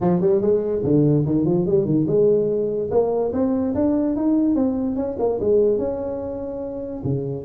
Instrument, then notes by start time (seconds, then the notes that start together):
tuba
0.00 F3
0.21 G3
0.41 G#3
0.83 D3
1.25 D#3
1.45 F3
1.66 G3
1.85 D#3
2.07 G#3
2.90 A#3
3.33 C4
3.74 D4
4.15 D#4
4.55 C4
4.96 C#4
5.19 A#3
5.40 G#3
5.78 C#4
7.04 C#3